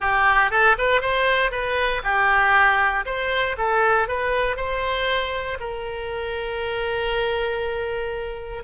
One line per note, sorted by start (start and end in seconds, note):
0.00 0.51 G4
0.51 0.76 A4
0.78 1.01 B4
1.01 1.51 C5
1.51 2.02 B4
2.03 3.05 G4
3.05 3.56 C5
3.57 4.08 A4
4.08 4.56 B4
4.56 5.57 C5
5.60 8.63 A#4